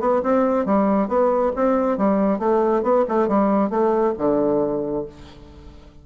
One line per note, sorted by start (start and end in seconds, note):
0.00 0.22 B3
0.23 0.65 C4
0.65 1.08 G3
1.08 1.52 B3
1.56 1.97 C4
1.97 2.39 G3
2.39 2.83 A3
2.83 3.05 B3
3.09 3.28 A3
3.28 3.70 G3
3.70 4.14 A3
4.18 5.06 D3